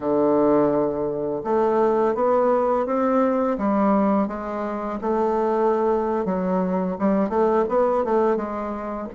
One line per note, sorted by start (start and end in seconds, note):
0.00 1.42 D3
1.44 2.14 A3
2.14 2.85 B3
2.85 3.57 C4
3.58 4.27 G3
4.27 4.99 G#3
5.01 6.25 A3
6.25 6.96 F#3
6.98 7.29 G3
7.29 7.64 A3
7.68 8.04 B3
8.04 8.36 A3
8.36 9.07 G#3